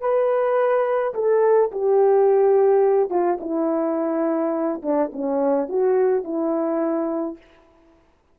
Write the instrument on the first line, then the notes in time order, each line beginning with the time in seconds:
horn
0.00 B4
1.14 A4
1.71 G4
3.10 F4
3.40 E4
4.82 D4
5.12 C#4
5.69 F#4
6.24 E4